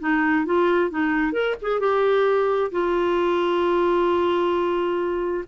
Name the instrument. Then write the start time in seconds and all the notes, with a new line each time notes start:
clarinet
0.00 D#4
0.45 F4
0.90 D#4
1.33 A#4
1.62 G#4
1.80 G4
2.71 F4